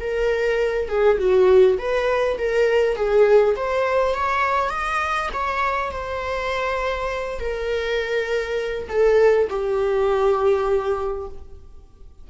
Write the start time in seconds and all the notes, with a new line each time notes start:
0.00 A#4
0.88 G#4
1.18 F#4
1.78 B4
2.38 A#4
2.95 G#4
3.56 C5
4.14 C#5
4.69 D#5
5.33 C#5
5.91 C5
7.39 A#4
8.88 A4
9.49 G4